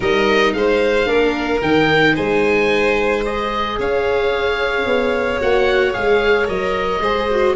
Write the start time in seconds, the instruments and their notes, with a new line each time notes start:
0.00 tuba G3, viola D#4, violin A#4, oboe D#5
0.52 tuba G#3, violin C5, oboe F5
1.05 tuba A#3, viola D4, violin A#4
1.62 tuba D#3, viola D#4, oboe G5
2.13 tuba G#3, violin C5, oboe G#5
3.24 viola G#4, oboe D#5
3.78 tuba C#4, violin C#5, oboe F5
4.85 tuba B3
5.40 tuba A#3, viola F#4, oboe F#5
5.93 tuba G#3, viola G#4, oboe F5
6.46 tuba F#3, viola A#4, oboe D#5
7.00 tuba G#3, viola G#4, violin C5
7.30 viola F#4